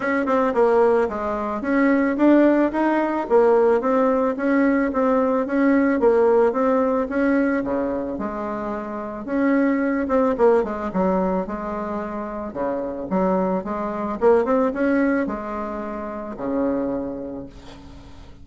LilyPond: \new Staff \with { instrumentName = "bassoon" } { \time 4/4 \tempo 4 = 110 cis'8 c'8 ais4 gis4 cis'4 | d'4 dis'4 ais4 c'4 | cis'4 c'4 cis'4 ais4 | c'4 cis'4 cis4 gis4~ |
gis4 cis'4. c'8 ais8 gis8 | fis4 gis2 cis4 | fis4 gis4 ais8 c'8 cis'4 | gis2 cis2 | }